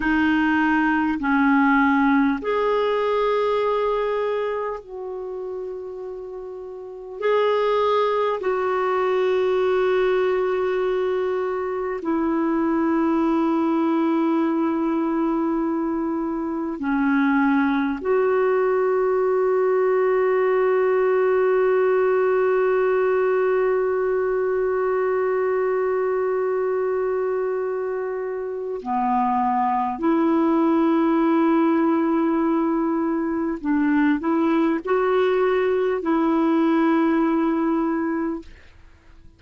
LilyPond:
\new Staff \with { instrumentName = "clarinet" } { \time 4/4 \tempo 4 = 50 dis'4 cis'4 gis'2 | fis'2 gis'4 fis'4~ | fis'2 e'2~ | e'2 cis'4 fis'4~ |
fis'1~ | fis'1 | b4 e'2. | d'8 e'8 fis'4 e'2 | }